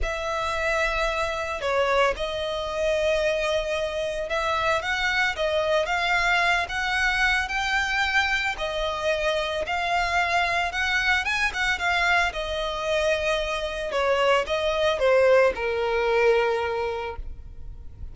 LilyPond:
\new Staff \with { instrumentName = "violin" } { \time 4/4 \tempo 4 = 112 e''2. cis''4 | dis''1 | e''4 fis''4 dis''4 f''4~ | f''8 fis''4. g''2 |
dis''2 f''2 | fis''4 gis''8 fis''8 f''4 dis''4~ | dis''2 cis''4 dis''4 | c''4 ais'2. | }